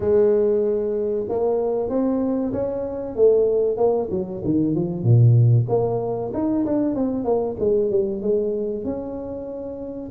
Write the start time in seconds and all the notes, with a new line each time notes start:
0.00 G#3
1.28 A#3
1.89 C4
2.53 C#4
3.15 A3
3.77 A#3
4.10 F#3
4.44 D#3
4.75 F3
5.03 A#2
5.68 A#3
6.33 D#4
6.65 D4
6.95 C4
7.24 A#3
7.59 G#3
7.90 G3
8.21 G#3
8.84 C#4